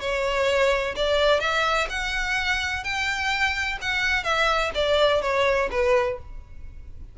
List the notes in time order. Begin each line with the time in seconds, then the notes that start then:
0.00 C#5
0.95 D5
1.40 E5
1.89 F#5
2.83 G5
3.81 F#5
4.23 E5
4.74 D5
5.21 C#5
5.70 B4